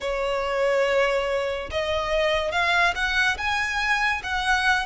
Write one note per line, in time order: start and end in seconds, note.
0.00 1.69 C#5
1.71 2.51 D#5
2.51 2.93 F5
2.95 3.37 F#5
3.37 4.22 G#5
4.23 4.86 F#5